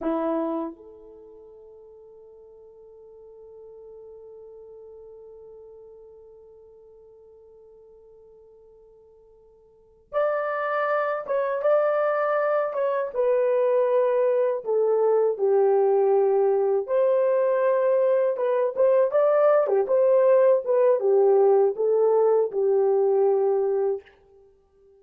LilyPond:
\new Staff \with { instrumentName = "horn" } { \time 4/4 \tempo 4 = 80 e'4 a'2.~ | a'1~ | a'1~ | a'4. d''4. cis''8 d''8~ |
d''4 cis''8 b'2 a'8~ | a'8 g'2 c''4.~ | c''8 b'8 c''8 d''8. g'16 c''4 b'8 | g'4 a'4 g'2 | }